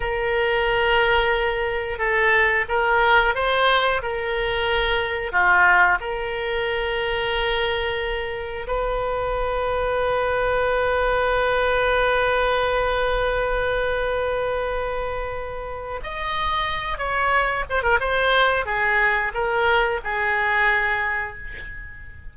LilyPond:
\new Staff \with { instrumentName = "oboe" } { \time 4/4 \tempo 4 = 90 ais'2. a'4 | ais'4 c''4 ais'2 | f'4 ais'2.~ | ais'4 b'2.~ |
b'1~ | b'1 | dis''4. cis''4 c''16 ais'16 c''4 | gis'4 ais'4 gis'2 | }